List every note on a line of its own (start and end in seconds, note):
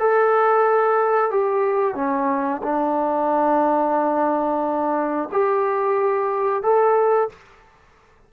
0.00 1.31 A4
1.31 1.95 G4
1.95 2.62 C#4
2.63 5.30 D4
5.32 6.63 G4
6.63 7.30 A4